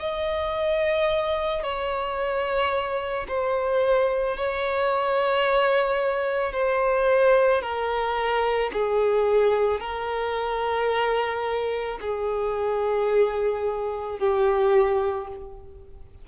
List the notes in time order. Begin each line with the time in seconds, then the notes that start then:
0.00 D#5
1.64 C#5
3.29 C5
4.37 C#5
6.53 C5
7.63 A#4
8.73 G#4
9.81 A#4
12.01 G#4
14.19 G4